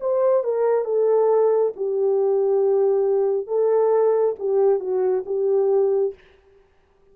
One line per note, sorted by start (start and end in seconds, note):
0.00 0.44 C5
0.44 0.85 A#4
0.85 1.73 A4
1.76 3.47 G4
3.47 4.35 A4
4.39 4.80 G4
4.80 5.24 F#4
5.26 6.14 G4